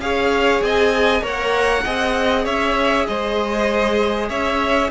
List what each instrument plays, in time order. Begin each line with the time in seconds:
0.00 cello C#4, viola G#4, violin C#5 F5
0.62 cello C4, violin D#5 G#5
1.22 cello A#3, viola A#4, violin C#5 F#5
1.84 cello C4, viola G#4, violin D#5
2.45 cello C#4, violin C#5 E5
3.07 cello G#3, violin C5 D#5
4.29 cello C#4, violin C#5 E5